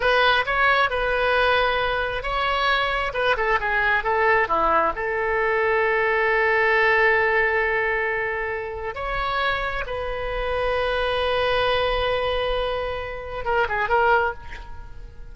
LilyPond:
\new Staff \with { instrumentName = "oboe" } { \time 4/4 \tempo 4 = 134 b'4 cis''4 b'2~ | b'4 cis''2 b'8 a'8 | gis'4 a'4 e'4 a'4~ | a'1~ |
a'1 | cis''2 b'2~ | b'1~ | b'2 ais'8 gis'8 ais'4 | }